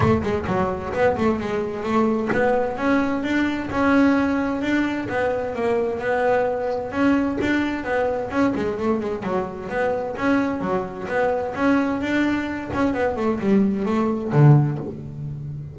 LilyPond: \new Staff \with { instrumentName = "double bass" } { \time 4/4 \tempo 4 = 130 a8 gis8 fis4 b8 a8 gis4 | a4 b4 cis'4 d'4 | cis'2 d'4 b4 | ais4 b2 cis'4 |
d'4 b4 cis'8 gis8 a8 gis8 | fis4 b4 cis'4 fis4 | b4 cis'4 d'4. cis'8 | b8 a8 g4 a4 d4 | }